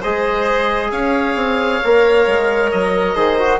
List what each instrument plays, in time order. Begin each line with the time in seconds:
0.00 bassoon G#3, trombone G#4, violin C5, oboe D#5
0.91 bassoon C#4, violin C#5, oboe F5
1.35 bassoon C4
1.83 bassoon A#3, trombone A#4
2.26 bassoon G#3
2.71 bassoon F#3, oboe D#5
3.15 bassoon D#3, trombone G#4, violin C5
3.38 trombone F#4